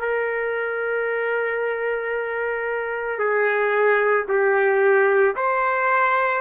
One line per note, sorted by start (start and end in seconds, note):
0.00 3.19 A#4
3.19 4.26 G#4
4.28 5.35 G4
5.36 6.41 C5